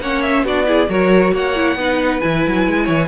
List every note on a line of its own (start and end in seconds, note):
0.00 0.43 A#3
0.00 0.47 C#4
0.00 0.45 C#5
0.00 0.22 F#5
0.22 0.44 E5
0.43 0.88 B3
0.43 0.66 D4
0.43 0.67 F#4
0.43 0.90 D5
0.66 0.88 E4
0.66 0.89 G#4
0.89 1.32 F#3
0.89 1.55 F#4
0.89 1.33 A#4
0.89 1.35 C#5
1.32 1.76 A#3
1.32 1.78 C#5
1.32 2.20 F#5
1.55 1.77 E4
1.76 2.20 B3
1.76 2.21 D#4
1.76 2.84 B4
2.20 2.46 E3
2.20 3.08 E4
2.20 3.08 G#5
2.47 2.67 F#3
2.67 2.88 G#3
2.84 3.08 E3
2.84 3.06 C#5